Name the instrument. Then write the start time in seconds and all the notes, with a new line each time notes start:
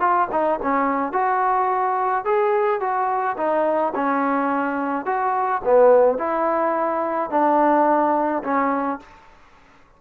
trombone
0.00 F4
0.31 D#4
0.62 C#4
1.12 F#4
2.25 G#4
2.80 F#4
3.37 D#4
3.95 C#4
5.05 F#4
5.64 B3
6.18 E4
7.30 D4
8.43 C#4